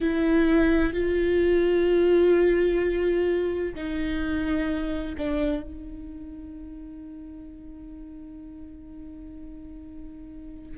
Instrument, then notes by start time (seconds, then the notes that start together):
viola
0.00 E4
0.93 F4
3.75 D#4
5.17 D4
5.62 D#4